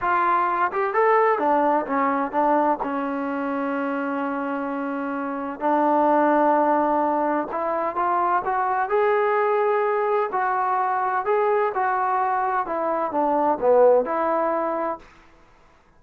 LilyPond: \new Staff \with { instrumentName = "trombone" } { \time 4/4 \tempo 4 = 128 f'4. g'8 a'4 d'4 | cis'4 d'4 cis'2~ | cis'1 | d'1 |
e'4 f'4 fis'4 gis'4~ | gis'2 fis'2 | gis'4 fis'2 e'4 | d'4 b4 e'2 | }